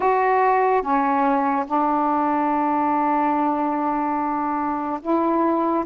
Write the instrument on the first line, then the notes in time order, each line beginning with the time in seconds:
saxophone
0.00 F#4
0.81 C#4
1.66 D4
5.01 E4